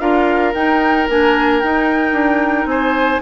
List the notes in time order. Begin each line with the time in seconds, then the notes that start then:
0.00 D4 F4 A#4 F5
0.55 D#4 G5
1.10 A#3 D4 G#5
1.60 D#4 G5
2.13 D4
2.66 C4 C5 G#5